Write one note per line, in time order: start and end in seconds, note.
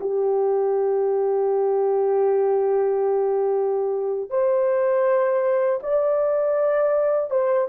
0.00 4.30 G4
4.30 5.80 C5
5.82 7.30 D5
7.30 7.68 C5